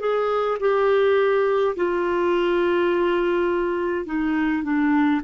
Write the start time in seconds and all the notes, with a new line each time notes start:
0.00 G#4
0.60 G4
1.76 F4
4.05 D#4
4.64 D4